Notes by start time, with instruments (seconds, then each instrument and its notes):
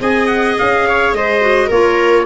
0.00 tuba C4, clarinet G#4, viola D#5, trumpet G#5
0.27 trumpet F#5
0.58 tuba C#4, trumpet F5
0.87 viola C#5
1.12 tuba G#3, viola C5, trumpet D#5
1.40 clarinet F#4
1.66 tuba A#3, clarinet F4, viola A#4, trumpet C#5